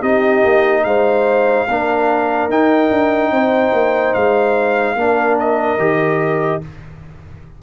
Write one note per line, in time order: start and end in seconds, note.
0.00 0.43 C4
0.00 1.68 D#4
0.00 0.82 G4
0.00 0.84 D#5
0.44 0.84 A#3
0.84 1.67 G#3
0.84 1.67 C5
0.84 2.49 F5
1.67 2.49 A#3
1.67 2.50 D4
1.67 3.32 A#4
2.49 2.90 D#4
2.49 4.97 D#4
2.49 4.14 G5
2.90 3.31 D4
3.31 3.72 C4
3.31 4.97 C5
3.73 4.14 A#3
4.14 4.95 G#3
4.14 5.37 F5
4.95 5.78 A#3
4.95 5.79 D4
4.95 6.62 A#4
5.39 6.63 D#5
5.78 6.60 D#3
5.78 6.61 G4